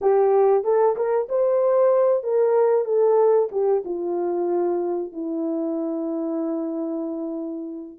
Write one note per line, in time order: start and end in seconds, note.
0.01 0.64 G4
0.64 0.95 A4
0.96 1.28 A#4
1.28 2.23 C5
2.23 2.84 A#4
2.84 3.48 A4
3.51 3.83 G4
3.85 5.12 F4
5.12 7.99 E4